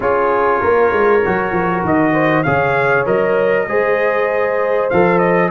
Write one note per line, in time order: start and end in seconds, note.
0.00 0.61 C#4
0.00 1.21 F4
0.00 0.60 G#4
0.00 1.85 C#5
0.60 0.92 A#3
0.60 2.13 A#4
0.92 1.23 G#3
1.25 1.51 F#3
1.25 2.45 F#4
1.51 1.82 F3
1.83 2.45 D#3
1.83 2.43 D#5
2.13 2.43 C5
2.43 3.06 C#3
2.43 3.05 G#4
2.43 3.67 C#5
2.43 3.04 F5
3.05 3.67 F#3
3.05 3.67 A#4
3.05 4.89 D#5
3.67 4.89 G#3
3.67 4.90 G#4
3.67 5.51 C5
4.89 5.51 F3
4.89 5.51 A4
4.89 5.18 F5
5.18 5.49 D#5